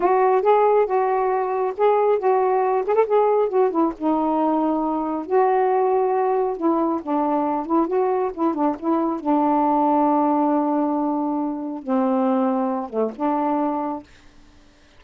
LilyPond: \new Staff \with { instrumentName = "saxophone" } { \time 4/4 \tempo 4 = 137 fis'4 gis'4 fis'2 | gis'4 fis'4. gis'16 a'16 gis'4 | fis'8 e'8 dis'2. | fis'2. e'4 |
d'4. e'8 fis'4 e'8 d'8 | e'4 d'2.~ | d'2. c'4~ | c'4. a8 d'2 | }